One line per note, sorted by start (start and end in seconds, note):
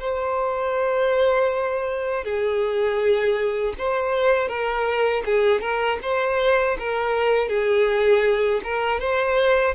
0.00 2.24 C5
2.24 3.74 G#4
3.79 4.48 C5
4.48 5.23 A#4
5.26 5.61 G#4
5.61 5.99 A#4
6.03 6.78 C5
6.79 7.49 A#4
7.49 8.61 G#4
8.64 9.00 A#4
9.00 9.75 C5